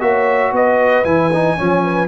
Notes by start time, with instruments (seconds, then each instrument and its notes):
0.00 tuba A#3, trombone F#4, horn C#5, trumpet E5
0.52 tuba B3, horn B4, trumpet D#5
1.04 tuba E3, trombone E4, trumpet G#5
1.33 trombone D#4
1.57 tuba F3, trombone C#4, horn C#5
1.83 horn B4